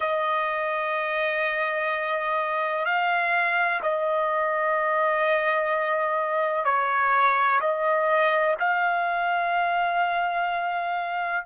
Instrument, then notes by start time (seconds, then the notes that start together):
trumpet
0.00 D#5
2.85 F5
3.82 D#5
6.65 C#5
7.60 D#5
8.59 F5